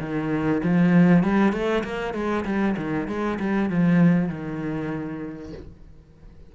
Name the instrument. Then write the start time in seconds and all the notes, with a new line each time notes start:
cello
0.00 D#3
0.64 F3
1.23 G3
1.53 A3
1.84 A#3
2.14 G#3
2.45 G3
2.77 D#3
3.08 G#3
3.40 G3
3.70 F3
4.29 D#3